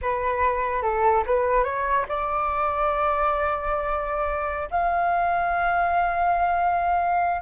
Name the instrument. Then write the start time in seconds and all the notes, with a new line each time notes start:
flute
0.01 B4
0.82 A4
1.26 B4
1.64 C#5
2.08 D5
4.70 F5